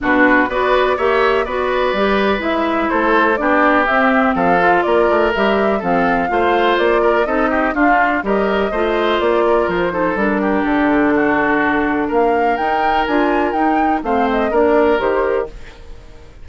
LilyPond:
<<
  \new Staff \with { instrumentName = "flute" } { \time 4/4 \tempo 4 = 124 b'4 d''4 e''4 d''4~ | d''4 e''4 c''4 d''4 | e''4 f''4 d''4 e''4 | f''2 d''4 dis''4 |
f''4 dis''2 d''4 | c''4 ais'4 a'2~ | a'4 f''4 g''4 gis''4 | g''4 f''8 dis''8 d''4 c''4 | }
  \new Staff \with { instrumentName = "oboe" } { \time 4/4 fis'4 b'4 cis''4 b'4~ | b'2 a'4 g'4~ | g'4 a'4 ais'2 | a'4 c''4. ais'8 a'8 g'8 |
f'4 ais'4 c''4. ais'8~ | ais'8 a'4 g'4. fis'4~ | fis'4 ais'2.~ | ais'4 c''4 ais'2 | }
  \new Staff \with { instrumentName = "clarinet" } { \time 4/4 d'4 fis'4 g'4 fis'4 | g'4 e'2 d'4 | c'4. f'4. g'4 | c'4 f'2 dis'4 |
d'4 g'4 f'2~ | f'8 dis'8 d'2.~ | d'2 dis'4 f'4 | dis'4 c'4 d'4 g'4 | }
  \new Staff \with { instrumentName = "bassoon" } { \time 4/4 b,4 b4 ais4 b4 | g4 gis4 a4 b4 | c'4 f4 ais8 a8 g4 | f4 a4 ais4 c'4 |
d'4 g4 a4 ais4 | f4 g4 d2~ | d4 ais4 dis'4 d'4 | dis'4 a4 ais4 dis4 | }
>>